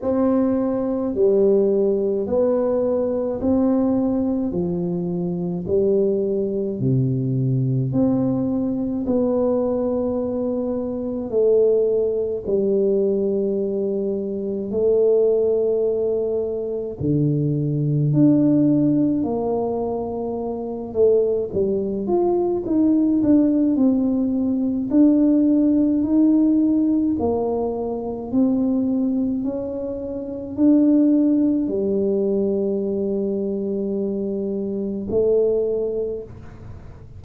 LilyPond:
\new Staff \with { instrumentName = "tuba" } { \time 4/4 \tempo 4 = 53 c'4 g4 b4 c'4 | f4 g4 c4 c'4 | b2 a4 g4~ | g4 a2 d4 |
d'4 ais4. a8 g8 f'8 | dis'8 d'8 c'4 d'4 dis'4 | ais4 c'4 cis'4 d'4 | g2. a4 | }